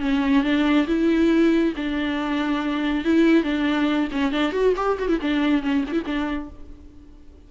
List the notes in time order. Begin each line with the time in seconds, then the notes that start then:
0.00 C#4
0.43 D4
0.87 E4
1.76 D4
3.04 E4
3.43 D4
4.11 C#4
4.32 D4
4.52 F#4
4.76 G4
4.99 F#4
5.08 E4
5.21 D4
5.62 C#4
5.87 D4 E4
6.06 D4